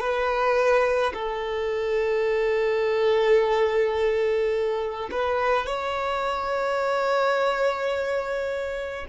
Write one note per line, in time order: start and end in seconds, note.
0.00 1.13 B4
1.14 5.10 A4
5.11 5.67 B4
5.67 9.06 C#5